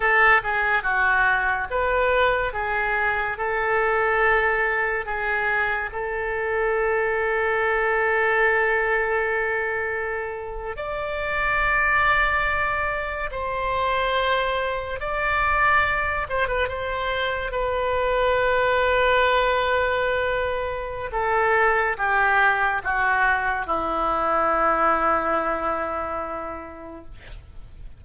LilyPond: \new Staff \with { instrumentName = "oboe" } { \time 4/4 \tempo 4 = 71 a'8 gis'8 fis'4 b'4 gis'4 | a'2 gis'4 a'4~ | a'1~ | a'8. d''2. c''16~ |
c''4.~ c''16 d''4. c''16 b'16 c''16~ | c''8. b'2.~ b'16~ | b'4 a'4 g'4 fis'4 | e'1 | }